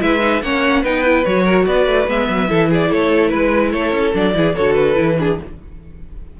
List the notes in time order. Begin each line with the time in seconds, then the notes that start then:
0.00 G#3 E4 B4 E5
0.20 D#4
0.42 A#3 C#4 C#5 F#5
0.82 B3 D#4 B4 G5
1.05 E4
1.24 F#3 F#4 C#5
1.44 A#4
1.66 B3 B4 D5
1.86 A3
2.07 G#3 B3 E5
2.29 F#3
2.49 E3 E4 A4
2.70 G#4 D5
2.90 A3 A4 C#5
3.28 G#3 B4
3.72 A3 A4 C#5
3.92 C#4
4.13 F#3 D4 D5
4.34 E3 E4 G#4
4.55 D3 F#4 A4 C#5
4.74 B4
4.95 E3 E4
5.19 D4 G#4